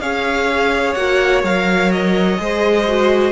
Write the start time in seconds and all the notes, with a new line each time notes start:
0.00 C#4 G#4 C#5 F5
0.93 A#3 F#4 F#5
1.43 F#3 A#4 F5
1.92 D#5
2.37 G#3 G#4 C5
2.87 F#4